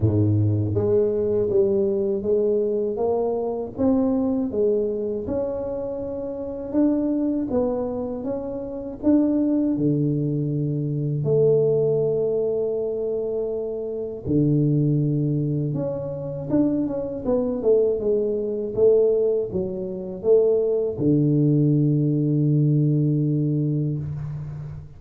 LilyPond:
\new Staff \with { instrumentName = "tuba" } { \time 4/4 \tempo 4 = 80 gis,4 gis4 g4 gis4 | ais4 c'4 gis4 cis'4~ | cis'4 d'4 b4 cis'4 | d'4 d2 a4~ |
a2. d4~ | d4 cis'4 d'8 cis'8 b8 a8 | gis4 a4 fis4 a4 | d1 | }